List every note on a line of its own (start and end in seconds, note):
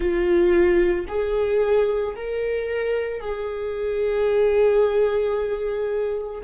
0.00 1.06 F4
1.08 2.15 G#4
2.16 3.20 A#4
3.20 6.41 G#4